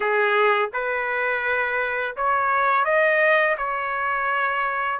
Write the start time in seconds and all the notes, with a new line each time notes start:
0.00 G#4
0.73 B4
2.16 C#5
2.84 D#5
3.57 C#5